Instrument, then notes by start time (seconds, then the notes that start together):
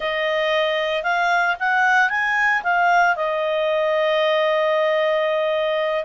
clarinet
0.00 D#5
1.03 F5
1.59 F#5
2.09 G#5
2.63 F5
3.16 D#5